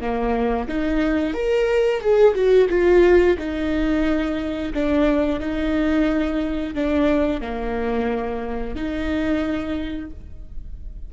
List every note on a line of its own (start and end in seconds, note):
0.00 0.67 A#3
0.68 1.33 D#4
1.33 2.00 A#4
2.00 2.34 G#4
2.34 2.68 F#4
2.69 3.36 F4
3.38 4.73 D#4
4.73 5.39 D4
5.39 6.74 D#4
6.74 7.41 D4
7.41 8.75 A#3
8.75 10.10 D#4